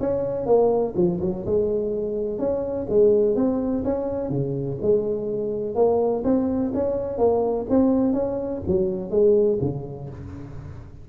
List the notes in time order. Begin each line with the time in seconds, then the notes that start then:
0.00 C#4
0.46 A#3
0.96 F3
1.21 F#3
1.46 G#3
2.38 C#4
2.89 G#3
3.35 C4
3.84 C#4
4.30 C#3
4.82 G#3
5.75 A#3
6.24 C4
6.74 C#4
7.18 A#3
7.69 C4
8.13 C#4
8.67 F#3
9.10 G#3
9.61 C#3